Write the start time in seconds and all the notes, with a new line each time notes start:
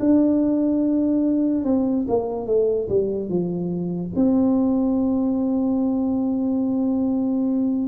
0.00 D4
1.64 C4
2.08 A#3
2.47 A3
2.89 G3
3.29 F3
4.16 C4